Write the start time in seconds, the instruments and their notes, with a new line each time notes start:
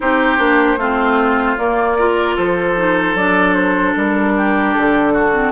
0.00 bassoon C4, clarinet D#4, oboe G4, flute C5
0.37 bassoon A#3, clarinet D4
0.77 bassoon A3, clarinet C4, oboe F4
1.57 bassoon A#3, clarinet A#3, flute D5
1.98 clarinet F4, oboe A#4
2.35 bassoon F3, oboe A4, flute C5
2.76 clarinet D#4
3.14 bassoon F#3, clarinet D4, flute D5
3.54 flute C5
3.96 bassoon G3, flute A#4
4.36 oboe G4
4.73 bassoon D3, flute A4
5.13 oboe F#4
5.33 clarinet C4